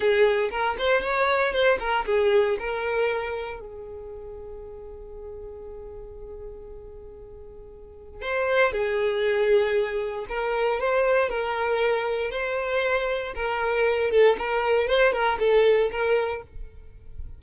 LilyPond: \new Staff \with { instrumentName = "violin" } { \time 4/4 \tempo 4 = 117 gis'4 ais'8 c''8 cis''4 c''8 ais'8 | gis'4 ais'2 gis'4~ | gis'1~ | gis'1 |
c''4 gis'2. | ais'4 c''4 ais'2 | c''2 ais'4. a'8 | ais'4 c''8 ais'8 a'4 ais'4 | }